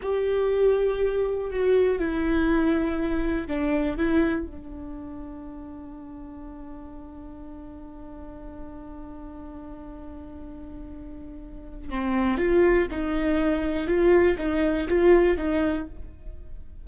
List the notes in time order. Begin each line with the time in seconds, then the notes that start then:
0.02 G4
1.50 F#4
1.98 E4
3.47 D4
3.96 E4
4.46 D4
11.89 C4
12.37 F4
12.90 D#4
13.87 F4
14.37 D#4
14.88 F4
15.37 D#4